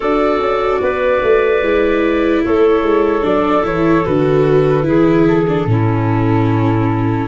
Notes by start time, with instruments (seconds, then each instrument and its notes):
0.00 tuba D4, viola F#4, clarinet A4, flute D5
0.39 tuba C#4
0.81 tuba B3, clarinet B4
1.22 tuba A3
1.61 tuba G#3, viola E4
2.44 tuba A3, clarinet A4, flute C#5
2.82 tuba G#3
3.22 tuba F#3, viola D4, flute D5
3.63 tuba E3, viola E4, flute C#5
4.05 tuba D3, viola F#4, flute B4
4.82 tuba E3, viola E4, clarinet G#4
5.27 flute A4
5.47 viola D4
5.65 tuba A2, viola C#4, clarinet E4